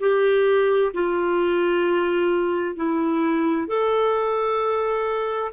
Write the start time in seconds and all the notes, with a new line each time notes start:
0.00 G4
0.94 F4
2.76 E4
3.68 A4